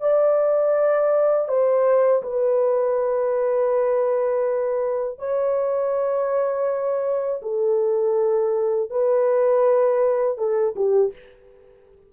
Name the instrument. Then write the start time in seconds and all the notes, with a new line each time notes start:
horn
0.00 D5
1.48 C5
2.22 B4
5.19 C#5
7.42 A4
8.90 B4
10.37 A4
10.75 G4